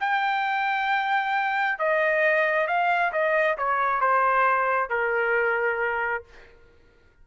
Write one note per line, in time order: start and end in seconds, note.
0.00 1.79 G5
1.79 2.68 D#5
2.68 3.12 F5
3.12 3.57 D#5
3.58 4.01 C#5
4.01 4.90 C5
4.90 6.24 A#4